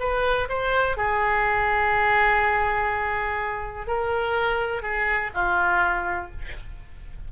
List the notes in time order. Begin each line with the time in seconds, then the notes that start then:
0.00 B4
0.49 C5
0.97 G#4
3.87 A#4
4.82 G#4
5.34 F4